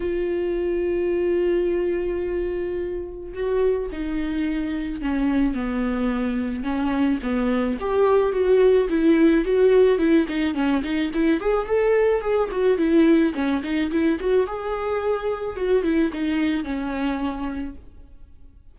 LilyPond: \new Staff \with { instrumentName = "viola" } { \time 4/4 \tempo 4 = 108 f'1~ | f'2 fis'4 dis'4~ | dis'4 cis'4 b2 | cis'4 b4 g'4 fis'4 |
e'4 fis'4 e'8 dis'8 cis'8 dis'8 | e'8 gis'8 a'4 gis'8 fis'8 e'4 | cis'8 dis'8 e'8 fis'8 gis'2 | fis'8 e'8 dis'4 cis'2 | }